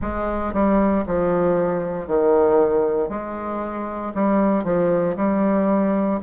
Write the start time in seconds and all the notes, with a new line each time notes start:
0.01 G#3
0.53 G3
1.06 F3
2.07 D#3
3.09 G#3
4.14 G3
4.64 F3
5.16 G3